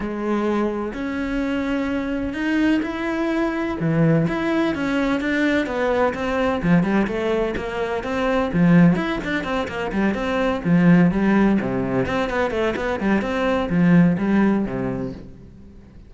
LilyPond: \new Staff \with { instrumentName = "cello" } { \time 4/4 \tempo 4 = 127 gis2 cis'2~ | cis'4 dis'4 e'2 | e4 e'4 cis'4 d'4 | b4 c'4 f8 g8 a4 |
ais4 c'4 f4 e'8 d'8 | c'8 ais8 g8 c'4 f4 g8~ | g8 c4 c'8 b8 a8 b8 g8 | c'4 f4 g4 c4 | }